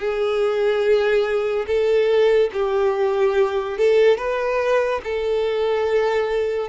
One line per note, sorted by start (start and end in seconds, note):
0.00 1.67 G#4
1.67 2.51 A4
2.54 3.78 G4
3.78 4.18 A4
4.18 5.02 B4
5.04 6.69 A4